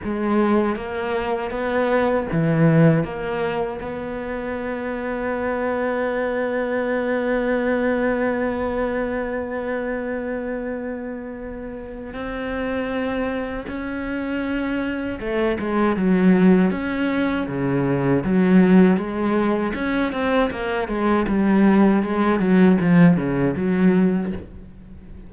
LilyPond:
\new Staff \with { instrumentName = "cello" } { \time 4/4 \tempo 4 = 79 gis4 ais4 b4 e4 | ais4 b2.~ | b1~ | b1 |
c'2 cis'2 | a8 gis8 fis4 cis'4 cis4 | fis4 gis4 cis'8 c'8 ais8 gis8 | g4 gis8 fis8 f8 cis8 fis4 | }